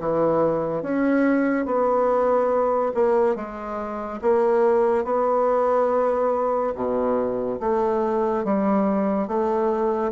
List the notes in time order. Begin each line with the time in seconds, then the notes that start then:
0.00 E3
0.83 C#4
1.66 B3
2.95 A#3
3.36 G#3
4.22 A#3
5.05 B3
6.75 B2
7.60 A3
8.45 G3
9.28 A3